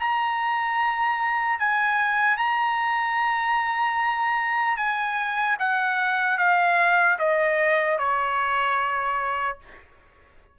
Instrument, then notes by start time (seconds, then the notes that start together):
trumpet
0.00 A#5
1.60 G#5
2.37 A#5
4.77 G#5
5.60 F#5
6.39 F5
7.19 D#5
7.99 C#5